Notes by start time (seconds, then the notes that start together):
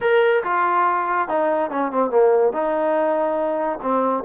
0.00 A#4
0.43 F4
1.28 D#4
1.70 C#4
1.91 C4
2.10 A#3
2.52 D#4
3.81 C4